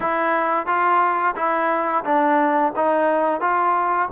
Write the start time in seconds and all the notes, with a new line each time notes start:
0.00 E4
0.66 F4
1.35 E4
2.05 D4
2.76 D#4
3.40 F4